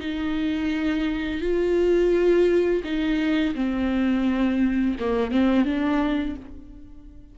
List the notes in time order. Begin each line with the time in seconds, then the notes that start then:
0.00 D#4
1.41 F4
2.84 D#4
3.55 C4
5.00 A#3
5.31 C4
5.65 D4